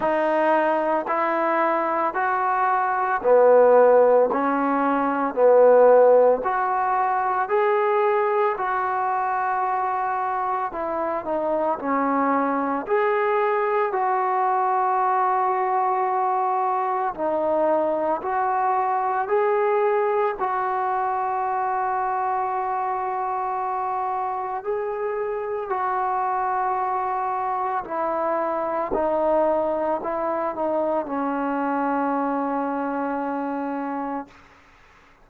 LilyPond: \new Staff \with { instrumentName = "trombone" } { \time 4/4 \tempo 4 = 56 dis'4 e'4 fis'4 b4 | cis'4 b4 fis'4 gis'4 | fis'2 e'8 dis'8 cis'4 | gis'4 fis'2. |
dis'4 fis'4 gis'4 fis'4~ | fis'2. gis'4 | fis'2 e'4 dis'4 | e'8 dis'8 cis'2. | }